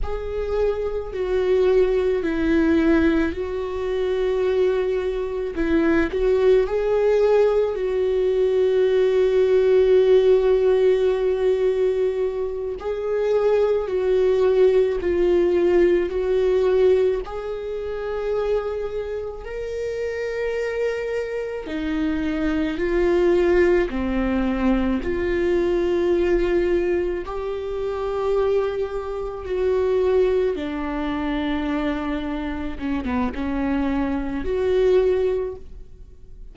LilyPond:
\new Staff \with { instrumentName = "viola" } { \time 4/4 \tempo 4 = 54 gis'4 fis'4 e'4 fis'4~ | fis'4 e'8 fis'8 gis'4 fis'4~ | fis'2.~ fis'8 gis'8~ | gis'8 fis'4 f'4 fis'4 gis'8~ |
gis'4. ais'2 dis'8~ | dis'8 f'4 c'4 f'4.~ | f'8 g'2 fis'4 d'8~ | d'4. cis'16 b16 cis'4 fis'4 | }